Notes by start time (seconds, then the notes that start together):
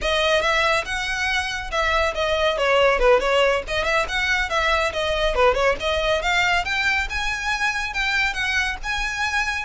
0.01 D#5
0.41 E5
0.85 F#5
1.71 E5
2.14 D#5
2.57 C#5
2.99 B4
3.20 C#5
3.67 D#5
3.84 E5
4.08 F#5
4.49 E5
4.92 D#5
5.35 B4
5.54 C#5
5.80 D#5
6.22 F5
6.64 G5
7.09 G#5
7.93 G5
8.33 F#5
8.83 G#5